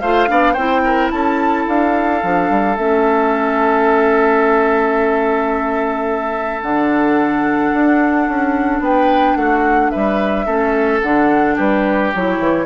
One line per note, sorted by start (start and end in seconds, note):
0.00 0.28 A3
0.00 0.27 F4
0.00 0.28 C5
0.00 0.53 F5
0.27 0.56 B3
0.27 0.54 D4
0.27 0.53 D5
0.53 1.11 C4
0.53 2.22 E4
0.53 0.81 C5
0.53 1.08 G5
0.83 1.11 A#4
1.10 1.66 C#4
1.10 8.83 A4
1.10 1.65 A5
1.67 2.22 D4
1.67 2.76 F5
2.22 2.49 F3
2.22 2.77 D4
2.49 2.77 G3
2.76 6.62 A3
2.76 6.61 C#4
2.76 6.61 E5
6.61 7.72 D3
6.61 10.46 D4
6.61 8.82 F#5
7.73 8.28 D4
8.28 8.80 C#4
8.80 9.35 B3
8.80 9.37 B4
8.80 9.36 G5
9.36 9.91 A3
9.36 9.91 F#4
9.36 9.89 F#5
9.89 10.46 G3
9.89 10.46 B4
9.89 10.99 E5
10.46 11.01 A3
10.46 11.01 C#4
10.46 11.55 A4
11.01 11.57 D3
11.01 12.14 D4
11.01 11.56 F#5
11.55 12.13 G3
11.55 12.65 G4
11.55 12.13 B4
12.14 12.38 F#3
12.14 12.65 E4
12.14 12.65 C#5
12.38 12.65 E3